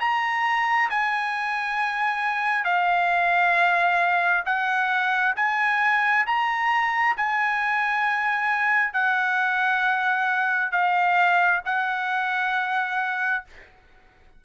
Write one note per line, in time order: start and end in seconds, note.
0.00 0.90 A#5
0.90 2.65 G#5
2.65 4.44 F5
4.45 5.35 F#5
5.36 6.26 G#5
6.26 7.16 A#5
7.17 8.93 G#5
8.93 10.72 F#5
10.72 11.61 F5
11.65 13.45 F#5